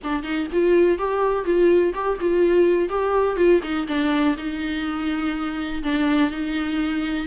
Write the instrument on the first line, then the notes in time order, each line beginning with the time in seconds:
viola
0.03 D4
0.23 D#4
0.52 F4
0.98 G4
1.45 F4
1.94 G4
2.20 F4
2.89 G4
3.36 F4
3.62 D#4
3.87 D4
4.37 D#4
5.83 D4
6.30 D#4